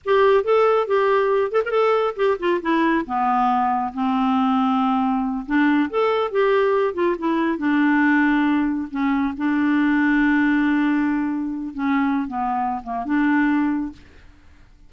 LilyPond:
\new Staff \with { instrumentName = "clarinet" } { \time 4/4 \tempo 4 = 138 g'4 a'4 g'4. a'16 ais'16 | a'4 g'8 f'8 e'4 b4~ | b4 c'2.~ | c'8 d'4 a'4 g'4. |
f'8 e'4 d'2~ d'8~ | d'8 cis'4 d'2~ d'8~ | d'2. cis'4~ | cis'16 b4~ b16 ais8 d'2 | }